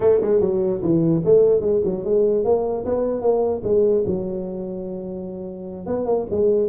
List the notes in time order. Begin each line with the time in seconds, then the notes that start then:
0.00 A3
0.21 G#3
0.40 F#3
0.81 E3
1.25 A3
1.61 G#3
1.84 F#3
2.04 G#3
2.44 A#3
2.85 B3
3.21 A#3
3.63 G#3
4.06 F#3
5.86 B3
6.05 A#3
6.30 G#3